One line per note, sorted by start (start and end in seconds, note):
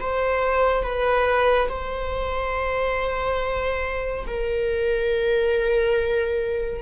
0.00 0.83 C5
0.83 1.69 B4
1.69 4.26 C5
4.27 6.83 A#4